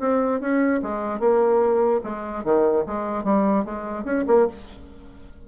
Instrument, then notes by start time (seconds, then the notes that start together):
bassoon
0.00 C4
0.41 C#4
0.83 G#3
1.20 A#3
2.04 G#3
2.44 D#3
2.87 G#3
3.24 G3
3.65 G#3
4.05 C#4
4.28 A#3